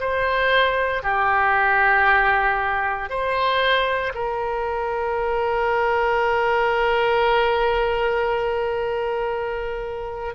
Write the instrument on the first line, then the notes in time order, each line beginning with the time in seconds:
oboe
0.00 C5
1.03 G4
3.09 C5
4.14 A#4